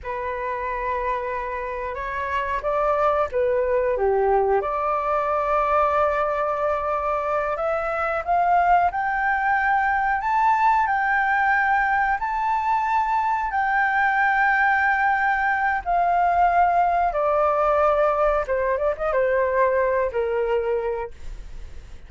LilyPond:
\new Staff \with { instrumentName = "flute" } { \time 4/4 \tempo 4 = 91 b'2. cis''4 | d''4 b'4 g'4 d''4~ | d''2.~ d''8 e''8~ | e''8 f''4 g''2 a''8~ |
a''8 g''2 a''4.~ | a''8 g''2.~ g''8 | f''2 d''2 | c''8 d''16 dis''16 c''4. ais'4. | }